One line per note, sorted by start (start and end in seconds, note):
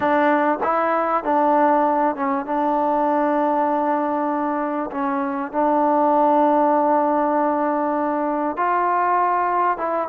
0.00 0.58 D4
0.63 1.24 E4
1.24 2.15 D4
2.15 2.45 C#4
2.45 4.90 D4
4.91 5.52 C#4
5.52 8.56 D4
8.56 9.77 F4
9.77 10.08 E4